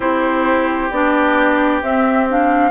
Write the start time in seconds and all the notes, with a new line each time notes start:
0.00 C4 E4 G4 C5
0.90 B3 D4 D5
1.81 C4 E5
2.28 D4 F5